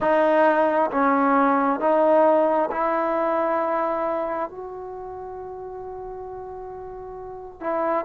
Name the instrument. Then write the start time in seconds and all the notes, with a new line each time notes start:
trombone
0.00 D#4
0.90 C#4
1.80 D#4
2.71 E4
4.49 F#4
7.60 E4